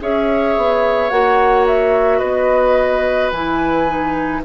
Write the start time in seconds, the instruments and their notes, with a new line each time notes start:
0.00 bassoon C#4, clarinet G#4, oboe C#5, flute E5
0.56 bassoon B3
1.09 bassoon A#3, clarinet F#4, flute F#5
1.66 flute E5
2.18 bassoon B3, oboe B4, flute D#5
3.30 bassoon E3, clarinet E4, flute G#5
3.87 clarinet D#4